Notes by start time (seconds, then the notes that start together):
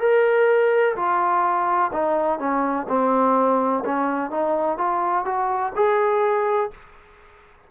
0.00 A#4
0.96 F4
1.93 D#4
2.39 C#4
2.89 C4
3.85 C#4
4.31 D#4
4.78 F4
5.25 F#4
5.76 G#4